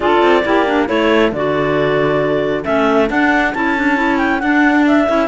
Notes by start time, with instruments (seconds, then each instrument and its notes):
0.00 cello D4, clarinet F4 D5, saxophone A4
0.22 cello C4
0.43 cello A#3, clarinet E4, saxophone G4
0.66 clarinet D4
0.86 cello A3, clarinet E4 C#5, saxophone A4
1.32 cello D3, clarinet F#4 D5
2.64 cello A3, clarinet C#4 E5
3.07 clarinet D4 F#5, cello D4
3.53 cello C#4, clarinet E4 A5
3.76 clarinet D4
3.96 clarinet E4
4.17 clarinet G5
4.39 clarinet D4 F#5, cello D4
4.86 clarinet E5
5.07 cello C#4, clarinet E4